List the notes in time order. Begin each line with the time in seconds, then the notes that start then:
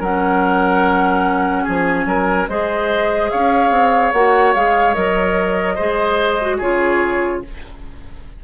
0.00 F#3 C#4 A#4 F#5
1.63 F3 G#4 G#5
2.06 F#3 A#4
2.48 G#3 G#4 C5 D#5
3.30 C#4 C#5 F5
3.70 C4
4.12 A#3 F#4 F#5
4.54 G#3 G#4 F5
4.94 F#3 A#4 D#5
5.75 G#3 G#4 C5
6.41 F#4
6.57 C#3 F4 G#4 C#5